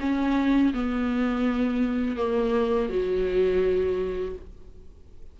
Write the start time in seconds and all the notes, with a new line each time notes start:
0.00 C#4
0.74 B3
2.17 A#3
2.89 F#3